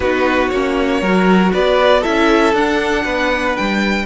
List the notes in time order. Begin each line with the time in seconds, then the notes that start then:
0.00 B3 D#4 F#4 B4
0.49 A#3 C#4 C#5
1.01 F#3 F#4 A#4
1.53 B3 B4 D5
2.01 E4 A4 E5
2.07 C#4
2.53 D4 F#5
3.04 B3 B4
3.56 G3 G5